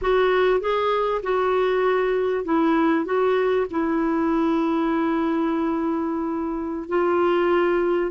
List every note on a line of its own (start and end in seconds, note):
0.01 0.60 F#4
0.60 1.21 G#4
1.22 2.45 F#4
2.45 3.05 E4
3.05 3.66 F#4
3.70 6.88 E4
6.88 8.11 F4